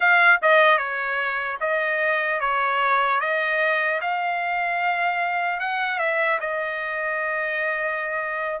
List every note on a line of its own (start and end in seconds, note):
0.00 0.39 F5
0.42 0.78 D#5
0.78 1.58 C#5
1.60 2.40 D#5
2.40 3.20 C#5
3.20 4.00 D#5
4.01 5.60 F5
5.60 5.98 F#5
5.98 6.38 E5
6.40 8.60 D#5